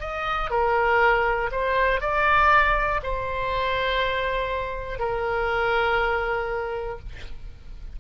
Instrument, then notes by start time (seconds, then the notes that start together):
oboe
0.00 D#5
0.50 A#4
1.52 C5
2.01 D5
3.03 C5
4.99 A#4